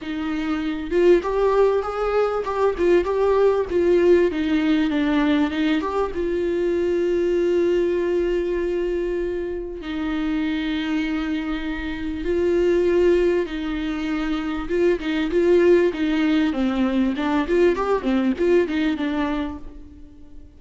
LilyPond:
\new Staff \with { instrumentName = "viola" } { \time 4/4 \tempo 4 = 98 dis'4. f'8 g'4 gis'4 | g'8 f'8 g'4 f'4 dis'4 | d'4 dis'8 g'8 f'2~ | f'1 |
dis'1 | f'2 dis'2 | f'8 dis'8 f'4 dis'4 c'4 | d'8 f'8 g'8 c'8 f'8 dis'8 d'4 | }